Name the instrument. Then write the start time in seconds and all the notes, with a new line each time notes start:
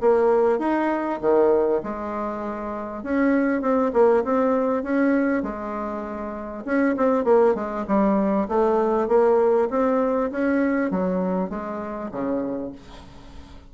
bassoon
0.00 A#3
0.58 D#4
1.21 D#3
1.83 G#3
3.03 C#4
3.61 C4
3.93 A#3
4.24 C4
4.83 C#4
5.42 G#3
6.65 C#4
6.96 C4
7.24 A#3
7.55 G#3
7.87 G3
8.48 A3
9.08 A#3
9.70 C4
10.31 C#4
10.90 F#3
11.49 G#3
12.11 C#3